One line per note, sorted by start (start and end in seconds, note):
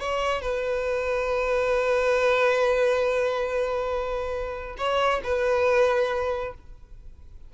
0.00 0.42 C#5
0.42 4.77 B4
4.78 5.22 C#5
5.24 6.54 B4